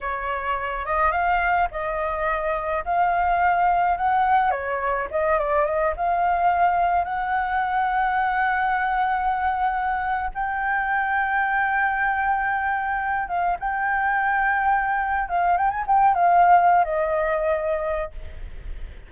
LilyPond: \new Staff \with { instrumentName = "flute" } { \time 4/4 \tempo 4 = 106 cis''4. dis''8 f''4 dis''4~ | dis''4 f''2 fis''4 | cis''4 dis''8 d''8 dis''8 f''4.~ | f''8 fis''2.~ fis''8~ |
fis''2~ fis''16 g''4.~ g''16~ | g''2.~ g''8 f''8 | g''2. f''8 g''16 gis''16 | g''8 f''4~ f''16 dis''2~ dis''16 | }